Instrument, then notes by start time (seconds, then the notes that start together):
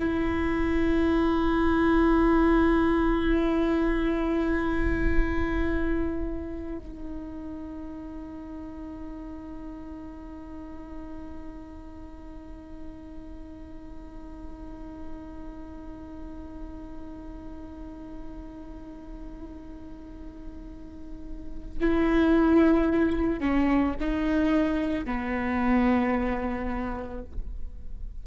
viola
0.00 E4
6.79 D#4
21.81 E4
23.40 C#4
24.00 D#4
25.06 B3